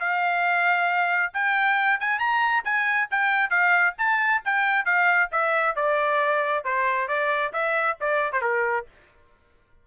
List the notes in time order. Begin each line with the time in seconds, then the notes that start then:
0.00 F5
1.34 G5
2.00 G#5
2.19 A#5
2.65 G#5
3.11 G5
3.51 F5
3.98 A5
4.45 G5
4.85 F5
5.32 E5
5.76 D5
6.65 C5
7.08 D5
7.53 E5
8.01 D5
8.33 C5
8.42 A#4